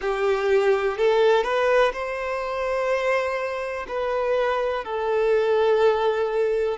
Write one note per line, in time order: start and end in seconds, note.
0.01 0.97 G4
0.97 1.43 A4
1.43 1.91 B4
1.93 3.86 C5
3.88 4.84 B4
4.84 6.77 A4